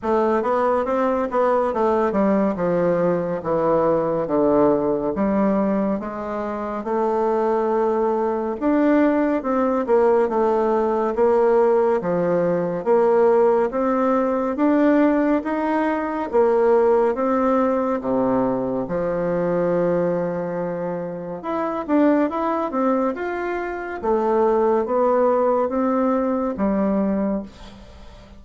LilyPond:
\new Staff \with { instrumentName = "bassoon" } { \time 4/4 \tempo 4 = 70 a8 b8 c'8 b8 a8 g8 f4 | e4 d4 g4 gis4 | a2 d'4 c'8 ais8 | a4 ais4 f4 ais4 |
c'4 d'4 dis'4 ais4 | c'4 c4 f2~ | f4 e'8 d'8 e'8 c'8 f'4 | a4 b4 c'4 g4 | }